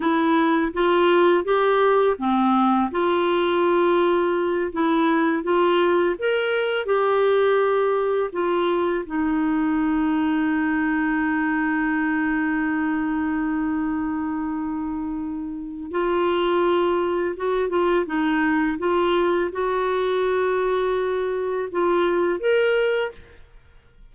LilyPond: \new Staff \with { instrumentName = "clarinet" } { \time 4/4 \tempo 4 = 83 e'4 f'4 g'4 c'4 | f'2~ f'8 e'4 f'8~ | f'8 ais'4 g'2 f'8~ | f'8 dis'2.~ dis'8~ |
dis'1~ | dis'2 f'2 | fis'8 f'8 dis'4 f'4 fis'4~ | fis'2 f'4 ais'4 | }